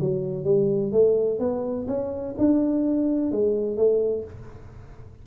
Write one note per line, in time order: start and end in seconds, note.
0.00 0.44 F#3
0.44 0.92 G3
0.92 1.39 A3
1.39 1.87 B3
1.87 2.35 C#4
2.38 3.32 D4
3.32 3.77 G#3
3.77 4.24 A3